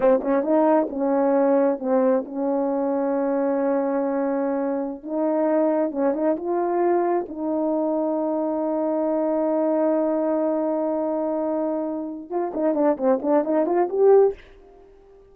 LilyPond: \new Staff \with { instrumentName = "horn" } { \time 4/4 \tempo 4 = 134 c'8 cis'8 dis'4 cis'2 | c'4 cis'2.~ | cis'2.~ cis'16 dis'8.~ | dis'4~ dis'16 cis'8 dis'8 f'4.~ f'16~ |
f'16 dis'2.~ dis'8.~ | dis'1~ | dis'2.~ dis'8 f'8 | dis'8 d'8 c'8 d'8 dis'8 f'8 g'4 | }